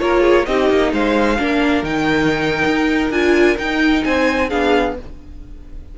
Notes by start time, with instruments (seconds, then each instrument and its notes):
0.00 cello A#3, viola F4, violin A#4 C#5
0.21 violin G#4
0.46 cello C4, viola D#4, violin G4 D#5
0.70 cello A#3
0.93 cello G#3, violin C5 F5
1.39 cello A#3, viola D4, violin A#4
1.83 cello D#3, viola D#4, violin G5
2.65 cello D#4
3.11 cello D4, viola F4, violin G#5
3.58 cello D#4, viola D#4, violin G5
4.04 cello C4, violin C5 G#5
4.49 cello B3, viola D4, violin G#4 F5